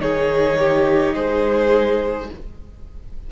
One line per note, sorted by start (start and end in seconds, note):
0.00 1.14 D#3
0.00 2.31 D#4
0.00 0.59 G#4
0.00 1.15 C#5
0.59 1.15 G4
1.14 2.30 G#3
1.14 2.30 G#4
1.14 2.30 C5